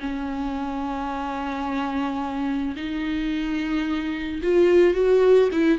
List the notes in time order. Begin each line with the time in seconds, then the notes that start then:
0.00 C#4
2.76 D#4
4.42 F4
4.94 F#4
5.52 E4